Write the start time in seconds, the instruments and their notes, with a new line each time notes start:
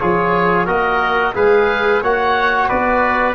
0.00 tuba F3, trombone F4, trumpet G#4, oboe C#5
0.66 tuba A#3, trombone F#4, trumpet A#4, oboe D#5
1.34 tuba G#3, trombone G#4, trumpet B4, oboe F5
2.02 tuba A#3, trombone F#4, trumpet C#5, oboe F#5
2.69 tuba B3, trumpet B4, oboe D5